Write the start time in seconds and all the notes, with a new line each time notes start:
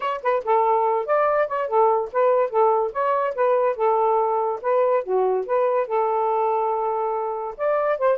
0.00 C#5
0.22 B4
0.44 A4
1.05 D5
1.47 C#5
1.67 A4
2.12 B4
2.50 A4
2.92 C#5
3.34 B4
3.76 A4
4.61 B4
5.03 F#4
5.46 B4
5.87 A4
7.57 D5
7.98 C5